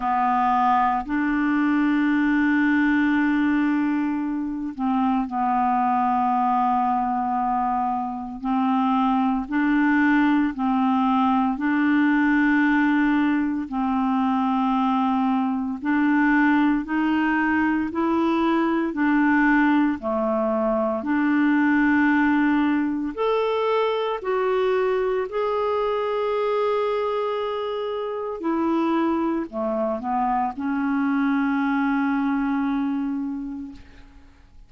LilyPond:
\new Staff \with { instrumentName = "clarinet" } { \time 4/4 \tempo 4 = 57 b4 d'2.~ | d'8 c'8 b2. | c'4 d'4 c'4 d'4~ | d'4 c'2 d'4 |
dis'4 e'4 d'4 a4 | d'2 a'4 fis'4 | gis'2. e'4 | a8 b8 cis'2. | }